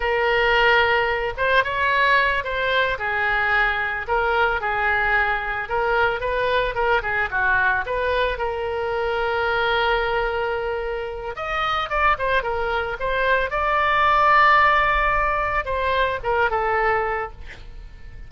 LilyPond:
\new Staff \with { instrumentName = "oboe" } { \time 4/4 \tempo 4 = 111 ais'2~ ais'8 c''8 cis''4~ | cis''8 c''4 gis'2 ais'8~ | ais'8 gis'2 ais'4 b'8~ | b'8 ais'8 gis'8 fis'4 b'4 ais'8~ |
ais'1~ | ais'4 dis''4 d''8 c''8 ais'4 | c''4 d''2.~ | d''4 c''4 ais'8 a'4. | }